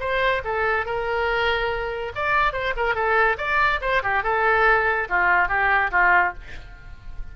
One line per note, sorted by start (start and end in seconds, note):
0.00 0.42 C5
0.45 0.86 A4
0.86 2.13 A#4
2.15 2.53 D5
2.53 2.74 C5
2.77 2.95 A#4
2.95 3.37 A4
3.38 3.80 D5
3.82 4.03 C5
4.03 4.23 G4
4.23 5.08 A4
5.09 5.49 F4
5.49 5.91 G4
5.91 6.34 F4